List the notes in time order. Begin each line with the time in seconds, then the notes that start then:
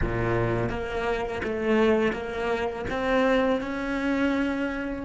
0.01 A#2
0.69 A#3
1.43 A3
2.12 A#3
2.89 C4
3.60 C#4